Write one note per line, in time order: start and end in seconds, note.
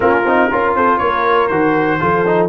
0.00 0.24 A#3
0.00 0.24 C#4
0.00 0.50 F4
0.00 0.74 A#4
0.24 0.49 C4
0.24 0.51 D#4
0.50 0.74 C#4
0.50 1.50 F4
0.50 0.75 A#4
0.74 0.99 C4
0.74 0.99 A4
0.74 0.98 C5
0.98 1.49 A#3
0.98 1.99 A#4
0.98 1.47 C#5
1.47 1.99 D#3
1.47 2.00 F#4
1.47 2.47 C5
2.00 2.48 F3
2.00 2.25 F4
2.00 2.48 A4
2.26 2.48 D#4